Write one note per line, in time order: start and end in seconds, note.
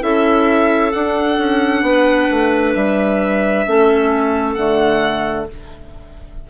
0.00 0.93 C#4
0.00 0.91 E4
0.00 1.84 A4
0.00 0.92 E5
0.92 1.38 D4
0.92 3.66 D4
0.92 2.74 F#5
1.38 1.82 C#4
1.82 2.28 B3
1.82 3.66 B4
2.30 2.75 A3
2.75 3.66 G3
2.75 4.54 E5
3.66 4.56 A3
3.66 4.56 C#4
3.66 5.50 A4
4.54 5.47 D3
4.54 5.47 A3
4.54 5.45 F#5